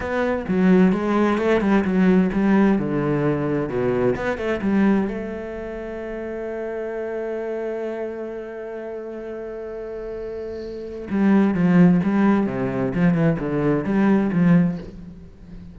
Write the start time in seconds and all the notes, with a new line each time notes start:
0.00 B3
0.48 F#3
0.92 G#3
1.38 A3
1.60 G3
1.84 F#3
2.32 G3
2.78 D3
3.69 B2
4.16 B3
4.37 A3
4.61 G3
5.08 A3
11.09 G3
11.54 F3
12.03 G3
12.46 C3
12.94 F3
13.14 E3
13.39 D3
13.84 G3
14.32 F3